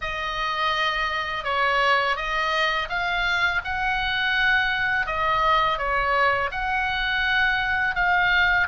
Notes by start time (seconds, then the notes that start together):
0.01 D#5
1.44 C#5
2.16 D#5
2.89 F5
3.64 F#5
5.06 D#5
5.78 C#5
6.51 F#5
7.95 F5